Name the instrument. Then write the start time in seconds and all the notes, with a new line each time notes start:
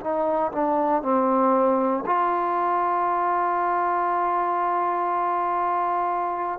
trombone
0.00 D#4
0.51 D4
1.02 C4
2.06 F4